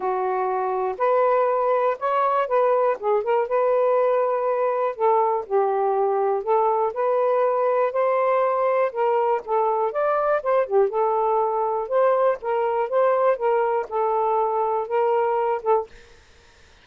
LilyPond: \new Staff \with { instrumentName = "saxophone" } { \time 4/4 \tempo 4 = 121 fis'2 b'2 | cis''4 b'4 gis'8 ais'8 b'4~ | b'2 a'4 g'4~ | g'4 a'4 b'2 |
c''2 ais'4 a'4 | d''4 c''8 g'8 a'2 | c''4 ais'4 c''4 ais'4 | a'2 ais'4. a'8 | }